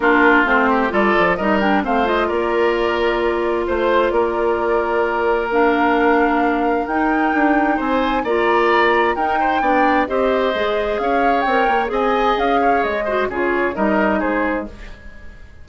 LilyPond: <<
  \new Staff \with { instrumentName = "flute" } { \time 4/4 \tempo 4 = 131 ais'4 c''4 d''4 dis''8 g''8 | f''8 dis''8 d''2. | c''4 d''2. | f''2. g''4~ |
g''4 gis''4 ais''2 | g''2 dis''2 | f''4 g''4 gis''4 f''4 | dis''4 cis''4 dis''4 c''4 | }
  \new Staff \with { instrumentName = "oboe" } { \time 4/4 f'4. g'8 a'4 ais'4 | c''4 ais'2. | c''4 ais'2.~ | ais'1~ |
ais'4 c''4 d''2 | ais'8 c''8 d''4 c''2 | cis''2 dis''4. cis''8~ | cis''8 c''8 gis'4 ais'4 gis'4 | }
  \new Staff \with { instrumentName = "clarinet" } { \time 4/4 d'4 c'4 f'4 dis'8 d'8 | c'8 f'2.~ f'8~ | f'1 | d'2. dis'4~ |
dis'2 f'2 | dis'4 d'4 g'4 gis'4~ | gis'4 ais'4 gis'2~ | gis'8 fis'8 f'4 dis'2 | }
  \new Staff \with { instrumentName = "bassoon" } { \time 4/4 ais4 a4 g8 f8 g4 | a4 ais2. | a4 ais2.~ | ais2. dis'4 |
d'4 c'4 ais2 | dis'4 b4 c'4 gis4 | cis'4 c'8 ais8 c'4 cis'4 | gis4 cis4 g4 gis4 | }
>>